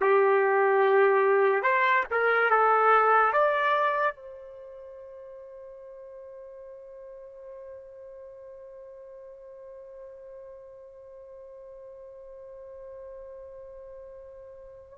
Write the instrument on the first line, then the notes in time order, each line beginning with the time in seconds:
trumpet
0.00 G4
1.62 C5
2.11 A#4
2.50 A4
3.32 D5
4.15 C5